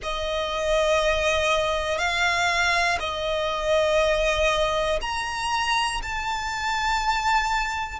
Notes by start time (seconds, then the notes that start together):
0.02 D#5
1.98 F5
2.99 D#5
5.00 A#5
6.02 A5